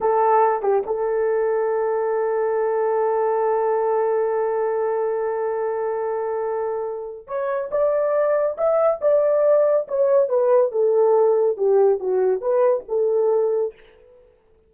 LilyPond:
\new Staff \with { instrumentName = "horn" } { \time 4/4 \tempo 4 = 140 a'4. g'8 a'2~ | a'1~ | a'1~ | a'1~ |
a'4 cis''4 d''2 | e''4 d''2 cis''4 | b'4 a'2 g'4 | fis'4 b'4 a'2 | }